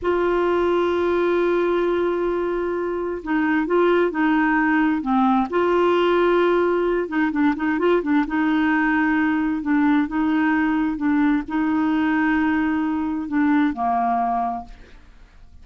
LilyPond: \new Staff \with { instrumentName = "clarinet" } { \time 4/4 \tempo 4 = 131 f'1~ | f'2. dis'4 | f'4 dis'2 c'4 | f'2.~ f'8 dis'8 |
d'8 dis'8 f'8 d'8 dis'2~ | dis'4 d'4 dis'2 | d'4 dis'2.~ | dis'4 d'4 ais2 | }